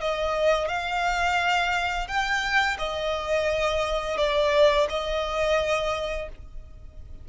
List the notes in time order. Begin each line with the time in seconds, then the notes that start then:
0.00 D#5
0.68 F5
2.07 G5
2.78 D#5
4.17 D5
4.89 D#5